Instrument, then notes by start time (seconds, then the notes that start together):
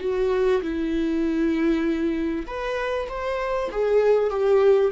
viola
0.00 F#4
0.62 E4
2.47 B4
3.09 C5
3.71 G#4
4.30 G4